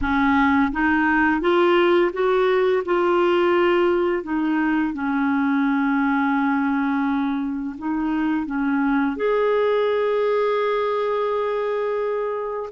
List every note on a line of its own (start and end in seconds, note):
0.01 0.71 C#4
0.72 1.41 D#4
1.41 2.11 F4
2.12 2.83 F#4
2.85 4.23 F4
4.23 4.93 D#4
4.93 7.76 C#4
7.78 8.45 D#4
8.45 9.16 C#4
9.16 12.69 G#4